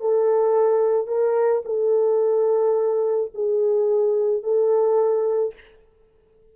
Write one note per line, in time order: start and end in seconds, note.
0.00 1.07 A4
1.07 1.63 A#4
1.65 3.32 A4
3.34 4.43 G#4
4.43 5.55 A4